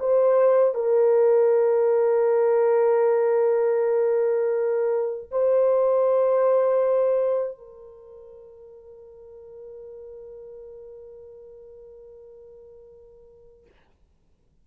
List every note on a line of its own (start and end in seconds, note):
0.00 0.75 C5
0.75 5.30 A#4
5.32 7.58 C5
7.58 13.66 A#4